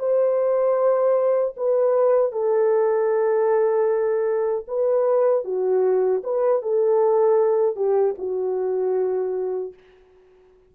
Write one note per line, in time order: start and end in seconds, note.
0.00 1.56 C5
1.57 2.32 B4
2.32 4.66 A4
4.68 5.45 B4
5.45 6.23 F#4
6.24 6.62 B4
6.62 7.77 A4
7.77 8.16 G4
8.19 9.74 F#4